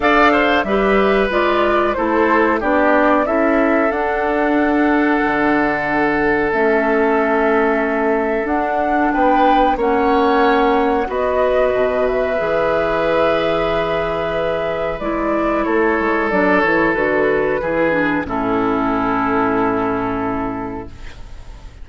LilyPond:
<<
  \new Staff \with { instrumentName = "flute" } { \time 4/4 \tempo 4 = 92 f''4 e''4 d''4 c''4 | d''4 e''4 fis''2~ | fis''2 e''2~ | e''4 fis''4 g''4 fis''4~ |
fis''4 dis''4. e''4.~ | e''2. d''4 | cis''4 d''8 cis''8 b'2 | a'1 | }
  \new Staff \with { instrumentName = "oboe" } { \time 4/4 d''8 c''8 b'2 a'4 | g'4 a'2.~ | a'1~ | a'2 b'4 cis''4~ |
cis''4 b'2.~ | b'1 | a'2. gis'4 | e'1 | }
  \new Staff \with { instrumentName = "clarinet" } { \time 4/4 a'4 g'4 f'4 e'4 | d'4 e'4 d'2~ | d'2 cis'2~ | cis'4 d'2 cis'4~ |
cis'4 fis'2 gis'4~ | gis'2. e'4~ | e'4 d'8 e'8 fis'4 e'8 d'8 | cis'1 | }
  \new Staff \with { instrumentName = "bassoon" } { \time 4/4 d'4 g4 gis4 a4 | b4 cis'4 d'2 | d2 a2~ | a4 d'4 b4 ais4~ |
ais4 b4 b,4 e4~ | e2. gis4 | a8 gis8 fis8 e8 d4 e4 | a,1 | }
>>